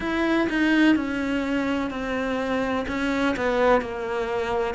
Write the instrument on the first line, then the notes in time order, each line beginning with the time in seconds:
cello
0.00 E4
0.48 D#4
0.95 C#4
1.90 C4
2.88 C#4
3.36 B3
3.81 A#3